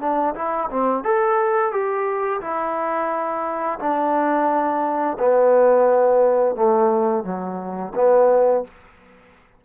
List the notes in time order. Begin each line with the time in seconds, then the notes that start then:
0.00 D4
0.34 E4
0.70 C4
1.03 A4
1.71 G4
2.41 E4
3.79 D4
5.19 B3
6.55 A3
7.24 F#3
7.95 B3